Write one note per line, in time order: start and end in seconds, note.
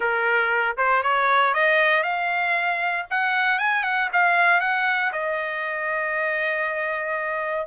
0.00 0.76 A#4
0.77 1.03 C5
1.03 1.54 C#5
1.54 2.03 D#5
2.03 3.05 F5
3.10 3.58 F#5
3.58 3.83 G#5
3.83 4.09 F#5
4.12 4.60 F5
4.60 5.11 F#5
5.12 7.67 D#5